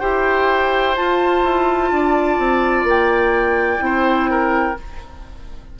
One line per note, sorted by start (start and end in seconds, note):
0.00 0.97 E4
0.00 0.96 G4
0.00 1.90 C5
0.00 0.96 G5
0.96 3.79 F4
0.96 1.44 F4
0.96 2.87 A5
1.44 1.91 E4
1.91 2.39 D4
1.91 3.85 D5
2.39 2.84 C4
2.84 3.79 A#3
2.84 4.80 G5
3.79 4.76 C4
3.79 4.75 E4
3.79 4.31 C5
4.31 4.78 A#4